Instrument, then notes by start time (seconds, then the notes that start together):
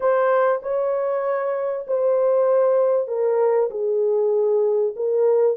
horn
0.00 C5
0.62 C#5
1.87 C5
3.07 A#4
3.70 G#4
4.95 A#4